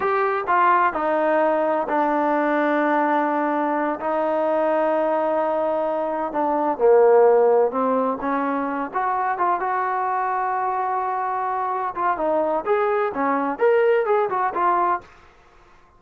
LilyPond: \new Staff \with { instrumentName = "trombone" } { \time 4/4 \tempo 4 = 128 g'4 f'4 dis'2 | d'1~ | d'8 dis'2.~ dis'8~ | dis'4. d'4 ais4.~ |
ais8 c'4 cis'4. fis'4 | f'8 fis'2.~ fis'8~ | fis'4. f'8 dis'4 gis'4 | cis'4 ais'4 gis'8 fis'8 f'4 | }